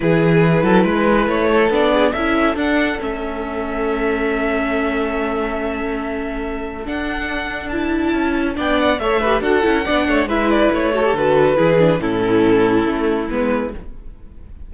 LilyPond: <<
  \new Staff \with { instrumentName = "violin" } { \time 4/4 \tempo 4 = 140 b'2. cis''4 | d''4 e''4 fis''4 e''4~ | e''1~ | e''1 |
fis''2 a''2 | g''8 fis''8 e''4 fis''2 | e''8 d''8 cis''4 b'2 | a'2. b'4 | }
  \new Staff \with { instrumentName = "violin" } { \time 4/4 gis'4. a'8 b'4. a'8~ | a'8 gis'8 a'2.~ | a'1~ | a'1~ |
a'1 | d''4 cis''8 b'8 a'4 d''8 cis''8 | b'4. a'4. gis'4 | e'1 | }
  \new Staff \with { instrumentName = "viola" } { \time 4/4 e'1 | d'4 e'4 d'4 cis'4~ | cis'1~ | cis'1 |
d'2 e'2 | d'4 a'8 g'8 fis'8 e'8 d'4 | e'4. fis'16 g'16 fis'4 e'8 d'8 | cis'2. b4 | }
  \new Staff \with { instrumentName = "cello" } { \time 4/4 e4. fis8 gis4 a4 | b4 cis'4 d'4 a4~ | a1~ | a1 |
d'2. cis'4 | b4 a4 d'8 cis'8 b8 a8 | gis4 a4 d4 e4 | a,2 a4 gis4 | }
>>